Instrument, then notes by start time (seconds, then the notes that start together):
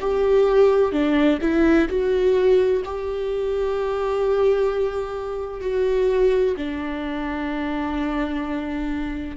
viola
0.00 G4
0.92 D4
1.41 E4
1.88 F#4
2.85 G4
5.60 F#4
6.57 D4